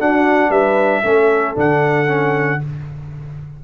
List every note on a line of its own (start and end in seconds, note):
0.00 1.03 D4
0.00 0.50 D4
0.00 0.50 F#4
0.00 0.51 F#5
0.50 1.02 G3
0.50 1.02 B4
0.50 1.55 E5
1.03 1.56 A3
1.03 1.55 C#4
1.03 2.62 A4
1.55 2.61 D3
1.55 2.07 D4
1.55 2.64 F#5
2.07 2.59 C#4